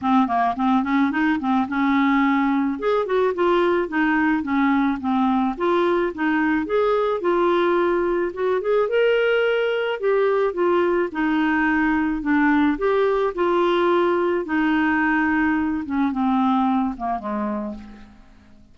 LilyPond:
\new Staff \with { instrumentName = "clarinet" } { \time 4/4 \tempo 4 = 108 c'8 ais8 c'8 cis'8 dis'8 c'8 cis'4~ | cis'4 gis'8 fis'8 f'4 dis'4 | cis'4 c'4 f'4 dis'4 | gis'4 f'2 fis'8 gis'8 |
ais'2 g'4 f'4 | dis'2 d'4 g'4 | f'2 dis'2~ | dis'8 cis'8 c'4. ais8 gis4 | }